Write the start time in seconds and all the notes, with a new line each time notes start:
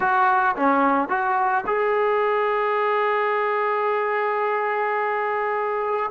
0.00 F#4
0.56 C#4
1.08 F#4
1.66 G#4